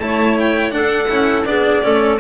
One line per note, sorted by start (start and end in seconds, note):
0.00 0.72 A3
0.00 0.71 E4
0.00 0.75 C#5
0.00 0.37 A5
0.40 0.72 G5
0.71 1.07 D4
0.71 1.09 D4
0.71 1.48 A4
0.71 1.45 F#5
1.09 1.46 C#4
1.09 1.46 E4
1.45 1.83 B3
1.45 1.83 D4
1.45 1.84 G#4
1.45 2.18 D5
1.83 2.20 A3
1.83 2.20 C#4
1.83 2.20 A4